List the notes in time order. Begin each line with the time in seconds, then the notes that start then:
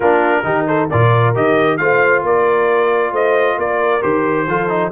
0.00 A#3 D4 F4 A#4
0.43 D#3 D#4 G4
0.67 A4 C5
0.89 A#2 F4 A#4 D5
1.34 D#3 G4 D#5
1.77 A3 F4 C5 F5
2.22 A#3 A#4 D5
3.11 A3 C5 D#5
3.58 A#3 A#4 D5
4.02 D#3 G4 C5
4.47 F3 F4 A4
4.68 D#4